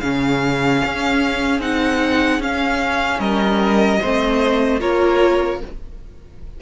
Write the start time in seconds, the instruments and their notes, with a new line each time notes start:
0.00 cello C#3, viola C#4, violin G#4 F5
0.85 cello C#4
1.59 cello C4, viola D#4, violin F#5
2.39 cello C#4, viola C#4, violin F5
3.19 cello G3, violin A#4 D#5
4.01 cello A3, viola C4, violin C5
4.79 cello A#3, viola F4, violin A#4 C#5